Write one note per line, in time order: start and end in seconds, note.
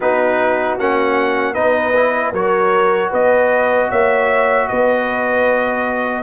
0.00 0.79 B3
0.00 0.79 D#4
0.00 1.53 F#4
0.00 0.78 B4
0.79 1.56 A#3
0.79 1.54 C#4
0.79 1.54 F#5
1.53 2.32 B3
1.53 1.93 D#4
1.53 2.31 B4
1.53 2.32 D#5
1.95 2.34 E4
2.32 3.10 F#3
2.32 6.22 F#4
2.32 3.10 A#4
2.32 3.12 C#5
3.10 3.90 B3
3.10 3.88 B4
3.10 3.90 D#5
3.89 4.69 A#3
3.89 4.67 C#5
3.89 4.68 E5
4.68 6.22 B3
4.68 6.22 B4
4.68 6.22 D#5